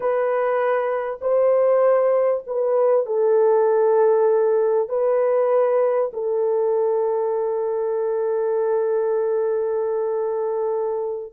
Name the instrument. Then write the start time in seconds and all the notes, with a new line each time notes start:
horn
0.00 B4
1.21 C5
2.47 B4
3.06 A4
4.88 B4
6.13 A4